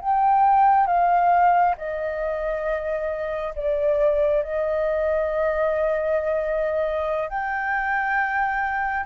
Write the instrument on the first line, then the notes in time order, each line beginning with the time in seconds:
flute
0.00 G5
0.87 F5
1.78 D#5
3.55 D5
4.43 D#5
7.29 G5